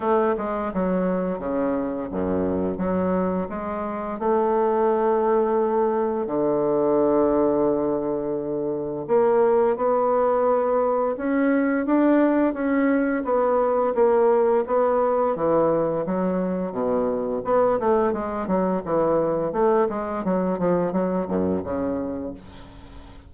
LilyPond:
\new Staff \with { instrumentName = "bassoon" } { \time 4/4 \tempo 4 = 86 a8 gis8 fis4 cis4 fis,4 | fis4 gis4 a2~ | a4 d2.~ | d4 ais4 b2 |
cis'4 d'4 cis'4 b4 | ais4 b4 e4 fis4 | b,4 b8 a8 gis8 fis8 e4 | a8 gis8 fis8 f8 fis8 fis,8 cis4 | }